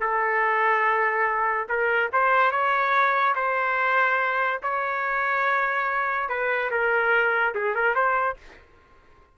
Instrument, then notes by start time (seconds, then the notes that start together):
trumpet
0.00 A4
1.68 A#4
2.12 C5
2.51 C#5
3.35 C5
4.62 C#5
6.29 B4
6.71 A#4
7.55 G#4
7.75 A#4
7.95 C5